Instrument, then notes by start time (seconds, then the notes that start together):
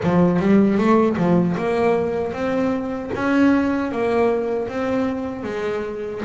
double bass
0.03 F3
0.39 G3
0.78 A3
1.17 F3
1.57 A#3
2.32 C4
3.14 C#4
3.91 A#3
4.68 C4
5.43 G#3